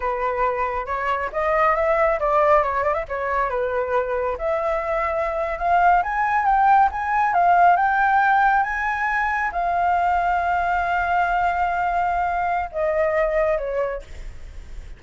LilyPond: \new Staff \with { instrumentName = "flute" } { \time 4/4 \tempo 4 = 137 b'2 cis''4 dis''4 | e''4 d''4 cis''8 d''16 e''16 cis''4 | b'2 e''2~ | e''8. f''4 gis''4 g''4 gis''16~ |
gis''8. f''4 g''2 gis''16~ | gis''4.~ gis''16 f''2~ f''16~ | f''1~ | f''4 dis''2 cis''4 | }